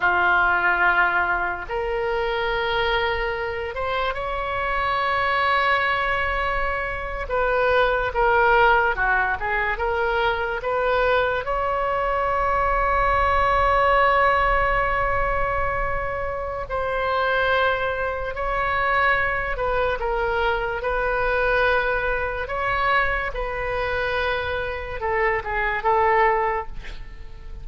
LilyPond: \new Staff \with { instrumentName = "oboe" } { \time 4/4 \tempo 4 = 72 f'2 ais'2~ | ais'8 c''8 cis''2.~ | cis''8. b'4 ais'4 fis'8 gis'8 ais'16~ | ais'8. b'4 cis''2~ cis''16~ |
cis''1 | c''2 cis''4. b'8 | ais'4 b'2 cis''4 | b'2 a'8 gis'8 a'4 | }